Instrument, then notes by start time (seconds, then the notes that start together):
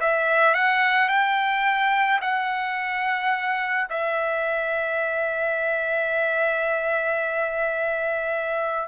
trumpet
0.00 E5
0.54 F#5
1.09 G5
2.21 F#5
3.89 E5